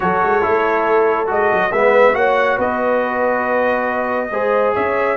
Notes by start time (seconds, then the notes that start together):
0.00 F#3 F#4 A4 C#5
0.22 G#3
0.41 A3 E4
1.26 G#3 F#4 D#5
1.53 F#3
1.72 G#3 B3 B4 E5
2.13 A#3 F#4 C#5 F#5
2.57 B3 B4 D#5
4.30 G#3 G#4 C5
4.74 C#4 C#5 E5